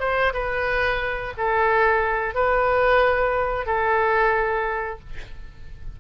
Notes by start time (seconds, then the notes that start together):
0.00 C5
0.33 B4
1.38 A4
2.35 B4
3.66 A4